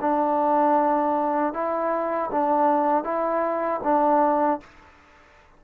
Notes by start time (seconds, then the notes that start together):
0.00 D4
1.53 E4
2.31 D4
3.03 E4
3.83 D4